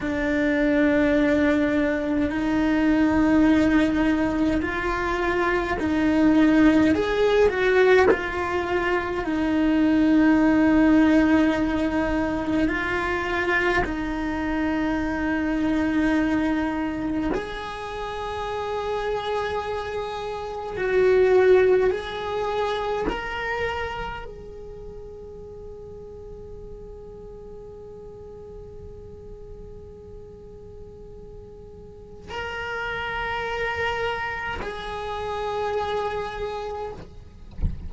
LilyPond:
\new Staff \with { instrumentName = "cello" } { \time 4/4 \tempo 4 = 52 d'2 dis'2 | f'4 dis'4 gis'8 fis'8 f'4 | dis'2. f'4 | dis'2. gis'4~ |
gis'2 fis'4 gis'4 | ais'4 gis'2.~ | gis'1 | ais'2 gis'2 | }